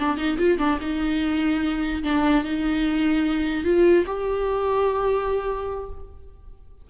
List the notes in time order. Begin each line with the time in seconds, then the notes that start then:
0.00 D4
0.17 D#4
0.38 F4
0.59 D4
0.81 D#4
2.04 D4
2.45 D#4
3.65 F4
4.07 G4